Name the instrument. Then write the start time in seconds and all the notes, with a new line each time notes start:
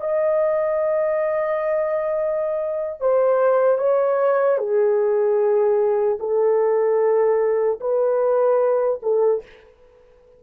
horn
0.00 D#5
3.00 C5
3.78 C#5
4.57 G#4
6.19 A4
7.80 B4
9.02 A4